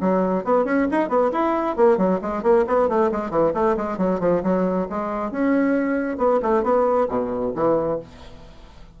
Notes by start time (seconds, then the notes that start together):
0.00 F#3
0.44 B3
0.64 C#4
0.91 D#4
1.08 B3
1.32 E4
1.76 A#3
1.97 F#3
2.21 G#3
2.43 A#3
2.67 B3
2.88 A3
3.11 G#3
3.30 E3
3.54 A3
3.76 G#3
3.97 F#3
4.20 F3
4.43 F#3
4.89 G#3
5.31 C#4
6.17 B3
6.42 A3
6.63 B3
7.08 B2
7.55 E3